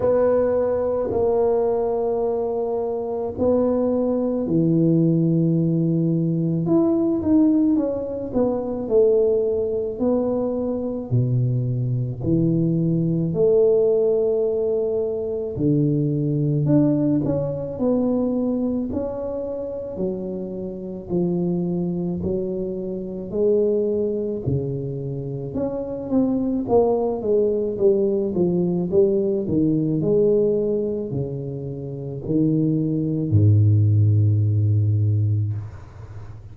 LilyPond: \new Staff \with { instrumentName = "tuba" } { \time 4/4 \tempo 4 = 54 b4 ais2 b4 | e2 e'8 dis'8 cis'8 b8 | a4 b4 b,4 e4 | a2 d4 d'8 cis'8 |
b4 cis'4 fis4 f4 | fis4 gis4 cis4 cis'8 c'8 | ais8 gis8 g8 f8 g8 dis8 gis4 | cis4 dis4 gis,2 | }